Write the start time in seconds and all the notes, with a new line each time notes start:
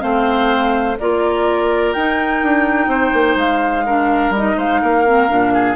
0.00 A3 C4 C5 F5
0.99 A#3 F4 A#4 D5
1.93 D#4 G5
2.43 D4
2.88 C4 C5
3.14 A#3
3.36 G#3 F5
3.86 D4 A#4
4.30 G3
4.36 D#4 D#5
4.57 G#3 C5 F5
4.82 A#3 A#4
5.06 C4
5.29 A#2 D4
5.54 G#4